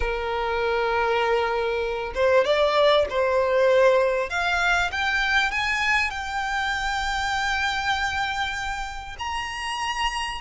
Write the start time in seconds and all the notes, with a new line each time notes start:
0.00 A#4
2.14 C5
2.44 D5
3.09 C5
4.29 F5
4.91 G5
5.51 G#5
6.10 G5
9.18 A#5